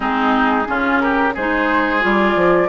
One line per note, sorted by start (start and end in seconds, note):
0.00 0.67 G#3
0.00 0.65 C4
0.00 0.67 D#4
0.00 1.00 G#4
0.65 1.36 C#3
0.65 1.33 C#4
0.65 1.02 F4
1.00 1.33 G4
1.00 1.33 A#4
1.33 2.03 G#3
1.33 2.00 D#4
1.33 2.68 G#4
1.33 2.04 C5
2.00 2.35 G3
2.00 2.67 F4
2.06 2.69 D5
2.35 2.69 F3